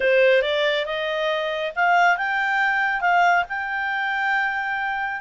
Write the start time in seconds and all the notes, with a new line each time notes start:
0.00 C5
0.42 D5
0.85 D#5
1.75 F5
2.17 G5
3.00 F5
3.48 G5